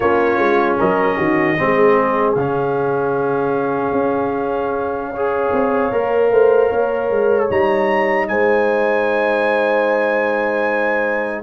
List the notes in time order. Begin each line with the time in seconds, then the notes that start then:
0.00 A#3 C#4 F4 C#5
0.38 G#3
0.78 F#3 A#4 D#5
1.16 D#3 F#4
1.57 G#3 C4 G#4
2.33 C#3 C#4 F5
3.92 C#4
5.12 G#4 C#5
5.52 C4
5.92 A#3 A#4
6.31 A3 C5
6.70 A#3 C#5
7.10 G#3
7.49 G3 D#4 A#5
8.28 G#3 C5 G#5